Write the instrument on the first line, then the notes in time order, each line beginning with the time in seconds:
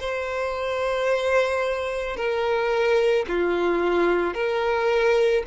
violin
0.00 C5
2.17 A#4
3.28 F4
4.34 A#4